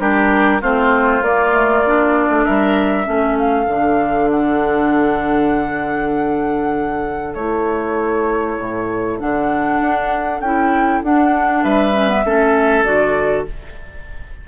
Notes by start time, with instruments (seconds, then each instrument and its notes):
0.00 bassoon G3, clarinet D4, oboe G4, flute A#4
0.62 bassoon A3, clarinet C4, oboe F4, flute C5
1.22 bassoon A#3, clarinet A#3, flute D5
1.53 clarinet A3
1.87 clarinet D4
2.30 bassoon A3
2.45 bassoon G3, oboe A#4, flute E5
3.05 bassoon A3, clarinet C#4, oboe A4
3.39 flute F5
3.67 bassoon D3, clarinet D4
4.31 flute F#5
7.35 bassoon A3, clarinet E4, flute C#5
8.59 bassoon A2
9.20 bassoon D3, clarinet D4, flute F#5
9.82 bassoon D4
10.41 bassoon C#4, clarinet E4, flute G5
11.04 bassoon D4, clarinet D4, flute F#5
11.64 bassoon G3, oboe B4, flute E5
11.94 clarinet C#4
12.09 clarinet B3
12.25 bassoon A3, clarinet C#4, oboe A4
12.85 bassoon D3, clarinet F#4, flute D5